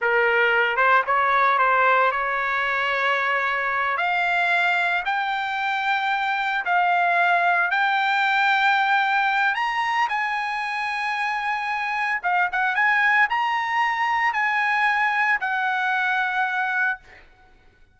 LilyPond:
\new Staff \with { instrumentName = "trumpet" } { \time 4/4 \tempo 4 = 113 ais'4. c''8 cis''4 c''4 | cis''2.~ cis''8 f''8~ | f''4. g''2~ g''8~ | g''8 f''2 g''4.~ |
g''2 ais''4 gis''4~ | gis''2. f''8 fis''8 | gis''4 ais''2 gis''4~ | gis''4 fis''2. | }